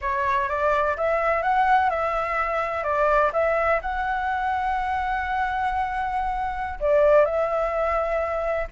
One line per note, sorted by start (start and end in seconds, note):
0.01 0.48 C#5
0.48 0.96 D5
0.96 1.42 E5
1.42 1.90 F#5
1.90 2.83 E5
2.83 3.31 D5
3.32 3.80 E5
3.81 6.79 F#5
6.80 7.25 D5
7.25 8.68 E5